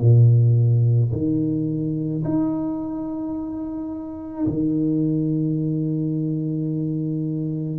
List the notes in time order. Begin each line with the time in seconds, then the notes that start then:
0.00 A#2
1.12 D#3
2.24 D#4
4.46 D#3